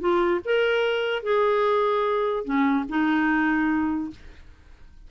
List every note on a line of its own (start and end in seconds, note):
0.00 0.41 F4
0.45 1.23 A#4
1.23 2.44 G#4
2.44 2.85 C#4
2.89 4.10 D#4